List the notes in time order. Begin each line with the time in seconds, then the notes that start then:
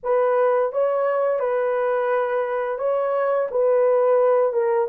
0.03 B4
0.72 C#5
1.39 B4
2.78 C#5
3.51 B4
4.52 A#4